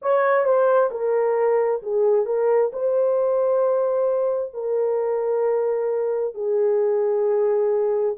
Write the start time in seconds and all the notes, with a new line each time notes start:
0.02 C#5
0.44 C5
0.90 A#4
1.82 G#4
2.25 A#4
2.72 C5
4.53 A#4
6.34 G#4